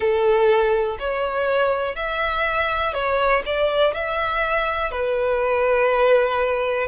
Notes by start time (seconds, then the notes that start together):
0.00 A4
0.99 C#5
1.95 E5
2.93 C#5
3.45 D5
3.93 E5
4.91 B4